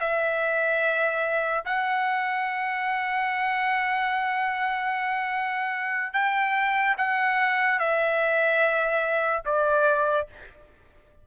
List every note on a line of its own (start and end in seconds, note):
0.00 1.64 E5
1.65 6.13 F#5
6.13 6.96 G5
6.98 7.79 F#5
7.79 9.44 E5
9.45 10.27 D5